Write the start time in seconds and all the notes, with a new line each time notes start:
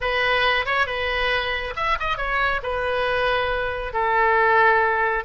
0.01 B4
0.65 C#5
0.86 B4
1.76 E5
1.99 D#5
2.17 C#5
2.62 B4
3.93 A4